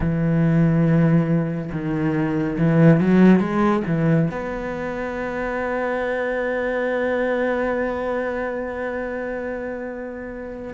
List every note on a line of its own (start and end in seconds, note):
0.00 1.70 E3
1.71 2.57 D#3
2.58 3.00 E3
3.00 3.39 F#3
3.39 3.82 G#3
3.86 4.29 E3
4.31 10.73 B3